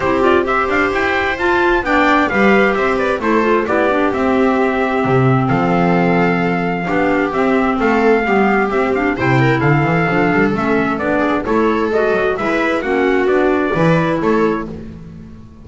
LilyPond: <<
  \new Staff \with { instrumentName = "trumpet" } { \time 4/4 \tempo 4 = 131 c''8 d''8 e''8 f''8 g''4 a''4 | g''4 f''4 e''8 d''8 c''4 | d''4 e''2. | f''1 |
e''4 f''2 e''8 f''8 | g''4 f''2 e''4 | d''4 cis''4 dis''4 e''4 | fis''4 d''2 cis''4 | }
  \new Staff \with { instrumentName = "viola" } { \time 4/4 g'4 c''2. | d''4 b'4 c''8 b'8 a'4 | g'1 | a'2. g'4~ |
g'4 a'4 g'2 | c''8 ais'8 a'2.~ | a'8 gis'8 a'2 b'4 | fis'2 b'4 a'4 | }
  \new Staff \with { instrumentName = "clarinet" } { \time 4/4 e'8 f'8 g'2 f'4 | d'4 g'2 e'8 f'8 | e'8 d'8 c'2.~ | c'2. d'4 |
c'2 b4 c'8 d'8 | e'2 d'4 cis'4 | d'4 e'4 fis'4 e'4 | cis'4 d'4 e'2 | }
  \new Staff \with { instrumentName = "double bass" } { \time 4/4 c'4. d'8 e'4 f'4 | b4 g4 c'4 a4 | b4 c'2 c4 | f2. b4 |
c'4 a4 g4 c'4 | c4 d8 e8 f8 g8 a4 | b4 a4 gis8 fis8 gis4 | ais4 b4 e4 a4 | }
>>